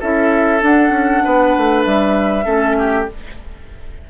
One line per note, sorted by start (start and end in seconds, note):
0.00 0.62 C#4
0.00 0.61 E4
0.00 1.24 A4
0.00 0.63 E5
0.61 2.44 D4
0.61 0.90 D4
0.61 1.84 F#5
0.90 1.21 C#4
1.24 1.56 B3
1.24 2.45 B4
1.57 1.86 A3
1.84 2.46 G3
1.84 3.08 E5
2.44 3.07 A3
2.44 3.06 C#4
2.44 2.76 A4
2.79 3.10 G4